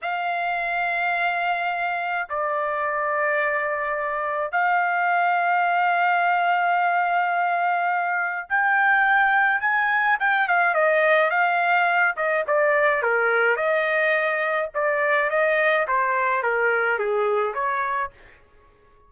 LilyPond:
\new Staff \with { instrumentName = "trumpet" } { \time 4/4 \tempo 4 = 106 f''1 | d''1 | f''1~ | f''2. g''4~ |
g''4 gis''4 g''8 f''8 dis''4 | f''4. dis''8 d''4 ais'4 | dis''2 d''4 dis''4 | c''4 ais'4 gis'4 cis''4 | }